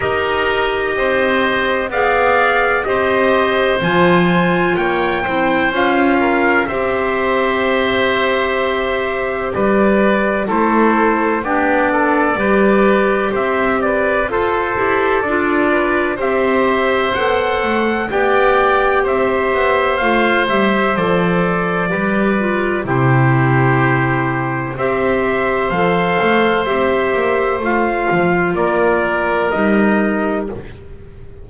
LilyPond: <<
  \new Staff \with { instrumentName = "trumpet" } { \time 4/4 \tempo 4 = 63 dis''2 f''4 dis''4 | gis''4 g''4 f''4 e''4~ | e''2 d''4 c''4 | d''2 e''8 d''8 c''4 |
d''4 e''4 fis''4 g''4 | e''4 f''8 e''8 d''2 | c''2 e''4 f''4 | e''4 f''4 d''4 dis''4 | }
  \new Staff \with { instrumentName = "oboe" } { \time 4/4 ais'4 c''4 d''4 c''4~ | c''4 cis''8 c''4 ais'8 c''4~ | c''2 b'4 a'4 | g'8 a'8 b'4 c''8 b'8 a'4~ |
a'8 b'8 c''2 d''4 | c''2. b'4 | g'2 c''2~ | c''2 ais'2 | }
  \new Staff \with { instrumentName = "clarinet" } { \time 4/4 g'2 gis'4 g'4 | f'4. e'8 f'4 g'4~ | g'2. e'4 | d'4 g'2 a'8 g'8 |
f'4 g'4 a'4 g'4~ | g'4 f'8 g'8 a'4 g'8 f'8 | e'2 g'4 a'4 | g'4 f'2 dis'4 | }
  \new Staff \with { instrumentName = "double bass" } { \time 4/4 dis'4 c'4 b4 c'4 | f4 ais8 c'8 cis'4 c'4~ | c'2 g4 a4 | b4 g4 c'4 f'8 e'8 |
d'4 c'4 b8 a8 b4 | c'8 b8 a8 g8 f4 g4 | c2 c'4 f8 a8 | c'8 ais8 a8 f8 ais4 g4 | }
>>